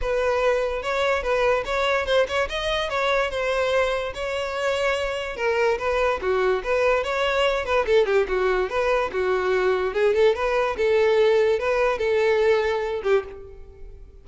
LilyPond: \new Staff \with { instrumentName = "violin" } { \time 4/4 \tempo 4 = 145 b'2 cis''4 b'4 | cis''4 c''8 cis''8 dis''4 cis''4 | c''2 cis''2~ | cis''4 ais'4 b'4 fis'4 |
b'4 cis''4. b'8 a'8 g'8 | fis'4 b'4 fis'2 | gis'8 a'8 b'4 a'2 | b'4 a'2~ a'8 g'8 | }